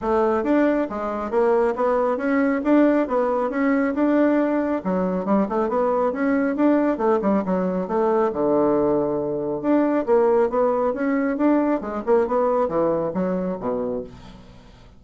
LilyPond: \new Staff \with { instrumentName = "bassoon" } { \time 4/4 \tempo 4 = 137 a4 d'4 gis4 ais4 | b4 cis'4 d'4 b4 | cis'4 d'2 fis4 | g8 a8 b4 cis'4 d'4 |
a8 g8 fis4 a4 d4~ | d2 d'4 ais4 | b4 cis'4 d'4 gis8 ais8 | b4 e4 fis4 b,4 | }